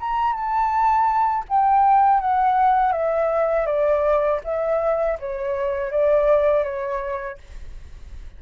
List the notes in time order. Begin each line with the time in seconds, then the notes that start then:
0.00 A#5
0.33 A5
1.49 G5
2.21 F#5
2.93 E5
3.67 D5
4.44 E5
5.20 C#5
5.91 D5
6.64 C#5